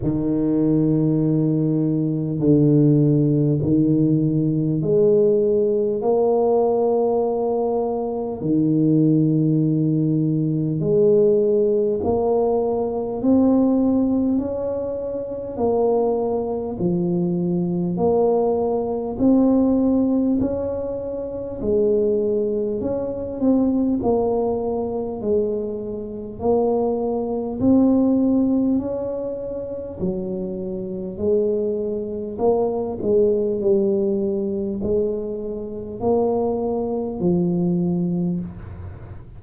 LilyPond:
\new Staff \with { instrumentName = "tuba" } { \time 4/4 \tempo 4 = 50 dis2 d4 dis4 | gis4 ais2 dis4~ | dis4 gis4 ais4 c'4 | cis'4 ais4 f4 ais4 |
c'4 cis'4 gis4 cis'8 c'8 | ais4 gis4 ais4 c'4 | cis'4 fis4 gis4 ais8 gis8 | g4 gis4 ais4 f4 | }